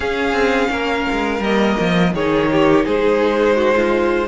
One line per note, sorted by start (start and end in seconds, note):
0.00 0.32 C#4
0.00 1.42 C#4
0.00 0.70 G#4
0.00 1.43 F5
0.32 0.68 C4
0.70 1.06 A#3
0.70 2.13 A#4
1.11 1.39 G#3
1.39 1.75 G3
1.39 2.15 A#3
1.39 2.14 D#5
1.79 2.13 F3
2.13 2.85 D#3
2.13 4.27 D#4
2.13 2.50 G#4
2.13 2.85 C#5
2.51 2.85 G4
2.85 4.27 G#3
2.85 3.56 G#4
2.85 4.27 C5
3.56 3.74 F#4
3.75 4.27 F4